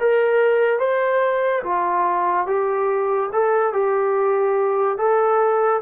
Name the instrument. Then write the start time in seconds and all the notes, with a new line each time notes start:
trombone
0.00 A#4
0.80 C5
1.63 F4
2.47 G4
3.33 A4
3.73 G4
4.98 A4